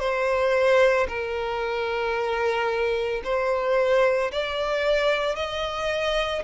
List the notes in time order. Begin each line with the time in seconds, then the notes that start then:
0.00 C5
1.09 A#4
3.25 C5
4.32 D5
5.36 D#5